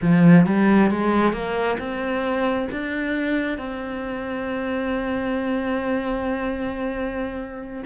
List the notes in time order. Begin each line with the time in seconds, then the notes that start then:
0.01 F3
0.46 G3
0.90 G#3
1.32 A#3
1.79 C4
2.71 D4
3.57 C4